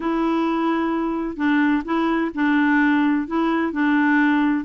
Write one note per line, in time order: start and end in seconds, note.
0.00 1.36 E4
1.36 1.82 D4
1.84 2.31 E4
2.34 3.27 D4
3.27 3.72 E4
3.72 4.64 D4